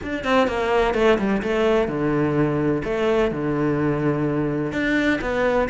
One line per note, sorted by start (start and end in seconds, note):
0.03 0.24 D4
0.24 0.47 C4
0.47 0.94 A#3
0.94 1.18 A3
1.18 1.42 G3
1.42 1.87 A3
1.87 2.82 D3
2.84 3.31 A3
3.31 4.72 D3
4.72 5.19 D4
5.21 5.68 B3